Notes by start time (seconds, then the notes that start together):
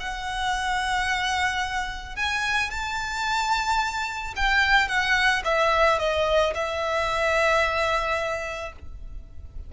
0.00 F#5
2.16 G#5
2.70 A5
4.36 G5
4.88 F#5
5.45 E5
5.99 D#5
6.54 E5